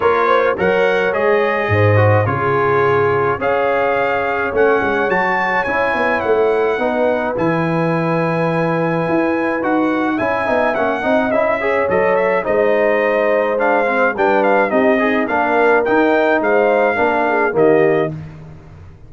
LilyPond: <<
  \new Staff \with { instrumentName = "trumpet" } { \time 4/4 \tempo 4 = 106 cis''4 fis''4 dis''2 | cis''2 f''2 | fis''4 a''4 gis''4 fis''4~ | fis''4 gis''2.~ |
gis''4 fis''4 gis''4 fis''4 | e''4 dis''8 e''8 dis''2 | f''4 g''8 f''8 dis''4 f''4 | g''4 f''2 dis''4 | }
  \new Staff \with { instrumentName = "horn" } { \time 4/4 ais'8 c''8 cis''2 c''4 | gis'2 cis''2~ | cis''1 | b'1~ |
b'2 e''4. dis''8~ | dis''8 cis''4. c''2~ | c''4 b'4 g'8 dis'8 ais'4~ | ais'4 c''4 ais'8 gis'8 g'4 | }
  \new Staff \with { instrumentName = "trombone" } { \time 4/4 f'4 ais'4 gis'4. fis'8 | f'2 gis'2 | cis'4 fis'4 e'2 | dis'4 e'2.~ |
e'4 fis'4 e'8 dis'8 cis'8 dis'8 | e'8 gis'8 a'4 dis'2 | d'8 c'8 d'4 dis'8 gis'8 d'4 | dis'2 d'4 ais4 | }
  \new Staff \with { instrumentName = "tuba" } { \time 4/4 ais4 fis4 gis4 gis,4 | cis2 cis'2 | a8 gis8 fis4 cis'8 b8 a4 | b4 e2. |
e'4 dis'4 cis'8 b8 ais8 c'8 | cis'4 fis4 gis2~ | gis4 g4 c'4 ais4 | dis'4 gis4 ais4 dis4 | }
>>